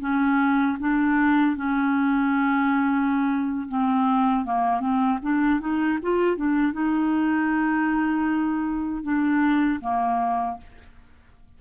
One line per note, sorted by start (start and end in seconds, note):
0.00 0.77 C#4
0.79 1.56 D4
1.56 3.67 C#4
3.68 4.45 C4
4.45 4.80 A#3
4.80 5.19 C4
5.22 5.60 D4
5.60 5.98 D#4
6.02 6.36 F4
6.36 6.72 D4
6.72 9.03 D#4
9.03 9.80 D4
9.80 10.57 A#3